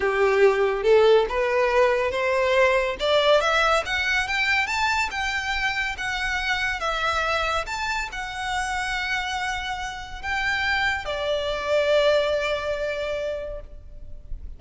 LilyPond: \new Staff \with { instrumentName = "violin" } { \time 4/4 \tempo 4 = 141 g'2 a'4 b'4~ | b'4 c''2 d''4 | e''4 fis''4 g''4 a''4 | g''2 fis''2 |
e''2 a''4 fis''4~ | fis''1 | g''2 d''2~ | d''1 | }